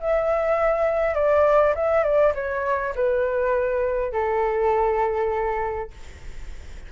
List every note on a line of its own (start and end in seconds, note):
0.00 1.14 E5
1.14 1.74 D5
1.75 2.03 E5
2.03 2.33 D5
2.34 2.94 C#5
2.95 4.12 B4
4.12 5.90 A4